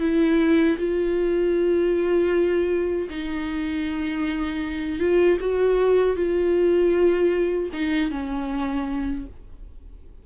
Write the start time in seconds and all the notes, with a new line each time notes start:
0.00 E4
0.78 F4
3.10 D#4
5.00 F4
5.41 F#4
6.16 F4
7.73 D#4
8.11 C#4